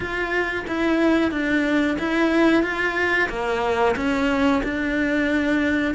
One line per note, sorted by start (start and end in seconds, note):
0.00 0.65 F4
0.67 1.31 E4
1.31 1.97 D4
1.98 2.63 E4
2.63 3.28 F4
3.29 3.95 A#3
3.96 4.62 C#4
4.63 5.94 D4